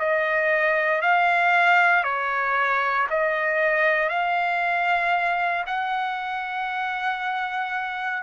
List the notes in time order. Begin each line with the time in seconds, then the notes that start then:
0.00 D#5
1.02 F5
2.04 C#5
3.10 D#5
4.10 F5
5.67 F#5